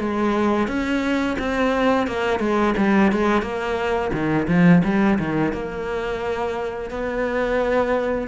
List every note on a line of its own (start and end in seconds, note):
0.00 0.68 G#3
0.68 1.37 C#4
1.39 2.08 C4
2.08 2.40 A#3
2.40 2.74 G#3
2.78 3.12 G3
3.12 3.42 G#3
3.42 4.11 A#3
4.13 4.48 D#3
4.48 4.83 F3
4.84 5.18 G3
5.19 5.53 D#3
5.53 6.91 A#3
6.91 8.28 B3